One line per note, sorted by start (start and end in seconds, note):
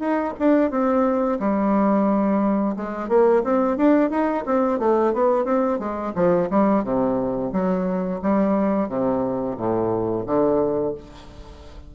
0.00 0.34 D#4
0.40 0.71 D4
0.71 1.39 C4
1.40 2.76 G3
2.77 3.09 G#3
3.09 3.43 A#3
3.44 3.77 C4
3.77 4.11 D4
4.11 4.45 D#4
4.46 4.80 C4
4.80 5.14 A3
5.14 5.45 B3
5.45 5.79 C4
5.80 6.14 G#3
6.15 6.50 F3
6.51 6.84 G3
6.84 7.52 C3
7.53 8.21 F#3
8.23 8.89 G3
8.89 9.57 C3
9.57 10.26 A2
10.26 10.95 D3